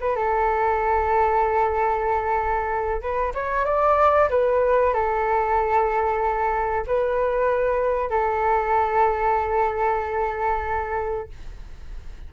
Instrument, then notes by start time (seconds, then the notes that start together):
flute
0.00 B4
0.15 A4
3.01 B4
3.34 C#5
3.65 D5
4.29 B4
4.94 A4
6.87 B4
8.10 A4